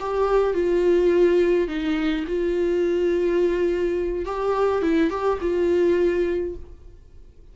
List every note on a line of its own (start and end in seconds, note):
0.00 0.54 G4
0.54 1.68 F4
1.68 2.25 D#4
2.27 4.26 F4
4.26 4.83 G4
4.83 5.10 E4
5.10 5.39 G4
5.42 6.56 F4